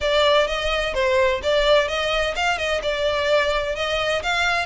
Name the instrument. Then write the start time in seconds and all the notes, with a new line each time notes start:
violin
0.00 D5
0.47 D#5
0.94 C5
1.42 D5
1.88 D#5
2.35 F5
2.57 D#5
2.82 D5
3.75 D#5
4.23 F5